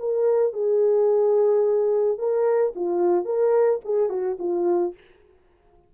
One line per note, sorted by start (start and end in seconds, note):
0.00 0.54 A#4
0.54 2.19 G#4
2.19 2.74 A#4
2.76 3.26 F4
3.26 3.81 A#4
3.85 4.10 G#4
4.10 4.38 F#4
4.40 4.95 F4